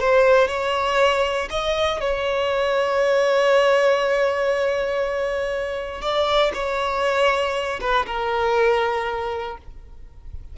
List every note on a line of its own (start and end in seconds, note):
0.00 0.48 C5
0.48 1.49 C#5
1.50 2.01 D#5
2.01 6.01 C#5
6.01 6.52 D5
6.54 7.80 C#5
7.81 8.06 B4
8.06 9.58 A#4